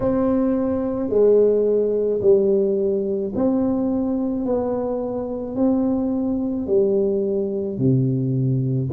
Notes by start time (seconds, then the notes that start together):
0.00 C4
1.09 G#3
2.21 G3
3.35 C4
4.45 B3
5.56 C4
6.67 G3
7.78 C3